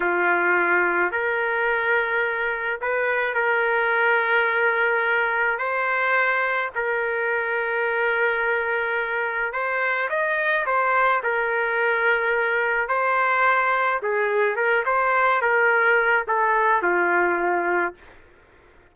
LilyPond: \new Staff \with { instrumentName = "trumpet" } { \time 4/4 \tempo 4 = 107 f'2 ais'2~ | ais'4 b'4 ais'2~ | ais'2 c''2 | ais'1~ |
ais'4 c''4 dis''4 c''4 | ais'2. c''4~ | c''4 gis'4 ais'8 c''4 ais'8~ | ais'4 a'4 f'2 | }